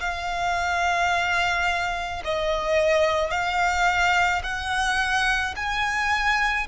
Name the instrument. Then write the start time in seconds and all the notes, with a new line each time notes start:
violin
0.00 F5
2.24 D#5
3.31 F5
4.43 F#5
5.56 G#5